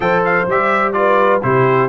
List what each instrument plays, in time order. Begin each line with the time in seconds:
0.00 tuba F3, trombone A4, horn C5, trumpet G5
0.24 trumpet F5
0.46 tuba G3, trombone G4, trumpet E5
0.92 trombone F4, horn B4, trumpet D5
1.42 tuba C3, trombone E4, horn G4, trumpet C5